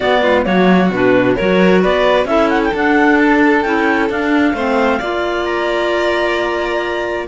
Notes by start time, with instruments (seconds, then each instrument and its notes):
0.00 clarinet B3 D5, cello B3, violin F#4
0.21 clarinet G#3, violin F4
0.44 cello F#3, clarinet A#3 C#5, violin F#4
0.90 cello B2, clarinet D4 B4
1.35 cello F#3, clarinet F#4 C#5, violin A#4
1.81 cello B3, violin B4, clarinet D5
2.25 cello C#4, clarinet E4 E5, violin A4
2.49 clarinet F#5
2.63 clarinet G5
2.73 cello D4, clarinet D4 F#5
3.18 clarinet A5
3.62 cello C#4, clarinet E4 G5
4.09 cello D4, clarinet D4 F5
4.53 cello A3, clarinet C4, violin C5
4.99 cello A#3, clarinet F4, violin D5
5.44 clarinet A#5